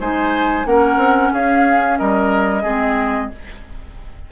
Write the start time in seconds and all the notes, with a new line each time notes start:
0.00 G#3 D#4 C5 G#5
0.64 A#3 C#4 A#4 F#5
0.97 C4
1.32 C#4 G#4 F5
1.98 G3 A#4 D#5
2.62 G#3 C4 G#4